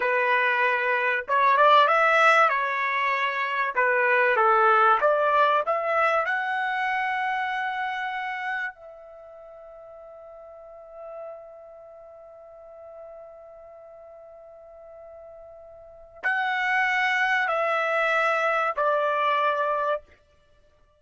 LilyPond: \new Staff \with { instrumentName = "trumpet" } { \time 4/4 \tempo 4 = 96 b'2 cis''8 d''8 e''4 | cis''2 b'4 a'4 | d''4 e''4 fis''2~ | fis''2 e''2~ |
e''1~ | e''1~ | e''2 fis''2 | e''2 d''2 | }